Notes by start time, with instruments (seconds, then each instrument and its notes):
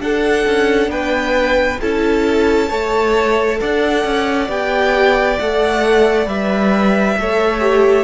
0.00 viola D4, cello D4, violin A4 F#5
0.47 cello C#4
0.87 cello B3, violin B4 G5
1.80 cello C#4, viola E4, violin A4 A5
2.69 cello A3, viola A4, violin C#5
3.60 cello D4, violin D5 F#5
4.04 cello C#4
4.49 cello B3, viola G4, violin G5
5.39 cello A3, viola A4, violin F#5
6.26 cello G3, viola B4, violin E5
7.17 cello A3, viola A4, violin C#5
7.59 viola G4